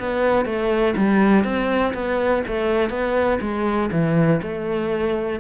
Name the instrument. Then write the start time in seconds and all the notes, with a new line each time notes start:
cello
0.00 B3
0.46 A3
0.97 G3
1.44 C4
1.94 B3
2.48 A3
2.90 B3
3.41 G#3
3.92 E3
4.43 A3